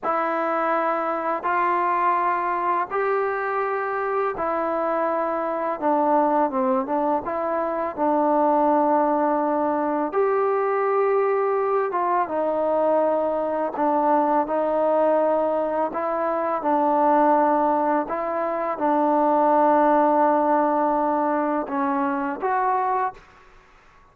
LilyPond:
\new Staff \with { instrumentName = "trombone" } { \time 4/4 \tempo 4 = 83 e'2 f'2 | g'2 e'2 | d'4 c'8 d'8 e'4 d'4~ | d'2 g'2~ |
g'8 f'8 dis'2 d'4 | dis'2 e'4 d'4~ | d'4 e'4 d'2~ | d'2 cis'4 fis'4 | }